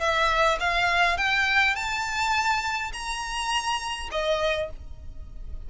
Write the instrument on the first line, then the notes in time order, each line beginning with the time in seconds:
violin
0.00 E5
0.60 F5
1.17 G5
1.75 A5
2.93 A#5
4.12 D#5